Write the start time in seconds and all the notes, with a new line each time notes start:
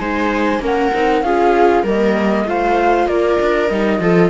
0.00 G#3 D#4 C5 G#5
0.60 A#3 C#4 A#4 F#5
0.94 C4 D#4
1.22 C#4 F4 G#4 F5
1.83 G3 A#3 A#4 D#5
2.45 A3 F4 C5 F5
3.07 A#3 A#4 D5
3.41 D4
3.69 G3 D#4 D#5
4.00 F3 F4 A4